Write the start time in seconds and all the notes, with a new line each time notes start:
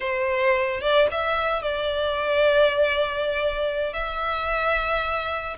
0.00 C5
0.80 D5
1.11 E5
1.62 D5
3.93 E5